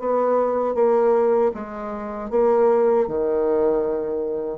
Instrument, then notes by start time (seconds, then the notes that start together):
bassoon
0.00 B3
0.75 A#3
1.55 G#3
2.31 A#3
3.08 D#3